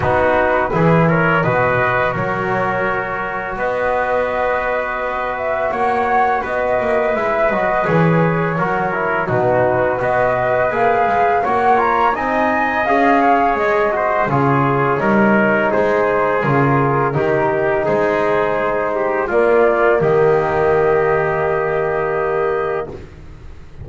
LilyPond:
<<
  \new Staff \with { instrumentName = "flute" } { \time 4/4 \tempo 4 = 84 b'4. cis''8 dis''4 cis''4~ | cis''4 dis''2~ dis''8 e''8 | fis''4 dis''4 e''8 dis''8 cis''4~ | cis''4 b'4 dis''4 f''4 |
fis''8 ais''8 gis''4 f''4 dis''4 | cis''2 c''4 ais'4~ | ais'4 c''2 d''4 | dis''1 | }
  \new Staff \with { instrumentName = "trumpet" } { \time 4/4 fis'4 gis'8 ais'8 b'4 ais'4~ | ais'4 b'2. | cis''4 b'2. | ais'4 fis'4 b'2 |
cis''4 dis''4. cis''4 c''8 | gis'4 ais'4 gis'2 | g'4 gis'4. g'8 f'4 | g'1 | }
  \new Staff \with { instrumentName = "trombone" } { \time 4/4 dis'4 e'4 fis'2~ | fis'1~ | fis'2 e'8 fis'8 gis'4 | fis'8 e'8 dis'4 fis'4 gis'4 |
fis'8 f'8 dis'4 gis'4. fis'8 | f'4 dis'2 f'4 | dis'2. ais4~ | ais1 | }
  \new Staff \with { instrumentName = "double bass" } { \time 4/4 b4 e4 b,4 fis4~ | fis4 b2. | ais4 b8 ais8 gis8 fis8 e4 | fis4 b,4 b4 ais8 gis8 |
ais4 c'4 cis'4 gis4 | cis4 g4 gis4 cis4 | dis4 gis2 ais4 | dis1 | }
>>